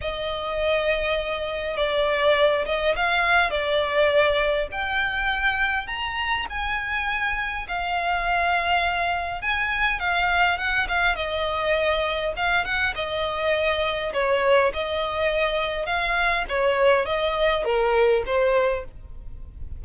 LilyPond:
\new Staff \with { instrumentName = "violin" } { \time 4/4 \tempo 4 = 102 dis''2. d''4~ | d''8 dis''8 f''4 d''2 | g''2 ais''4 gis''4~ | gis''4 f''2. |
gis''4 f''4 fis''8 f''8 dis''4~ | dis''4 f''8 fis''8 dis''2 | cis''4 dis''2 f''4 | cis''4 dis''4 ais'4 c''4 | }